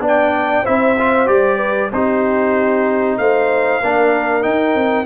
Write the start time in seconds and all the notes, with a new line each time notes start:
0.00 B3 D4 D5
0.07 G5
0.63 C4 E4 C5 E5
0.99 F4
1.27 G3 G4 D5
1.58 B4
1.92 C4 D#4 G4 C5
3.18 A3 C5 F5
3.80 A#3 D4 A#4
4.42 D#4 G5
4.75 C4